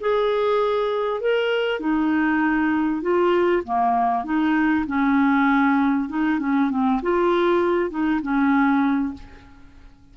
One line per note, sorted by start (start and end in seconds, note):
0.00 1.21 G#4
1.21 1.80 A#4
1.80 3.02 D#4
3.02 3.63 F4
3.64 4.24 A#3
4.24 4.85 D#4
4.86 6.09 C#4
6.09 6.39 D#4
6.39 6.70 C#4
6.70 7.01 C4
7.02 7.90 F4
7.90 8.21 D#4
8.22 9.14 C#4